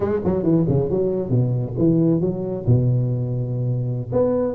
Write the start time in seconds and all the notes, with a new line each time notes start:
0.00 G#3
0.24 F#3
0.42 E3
0.68 C#3
0.90 F#3
1.29 B2
1.78 E3
2.20 F#3
2.66 B2
4.12 B3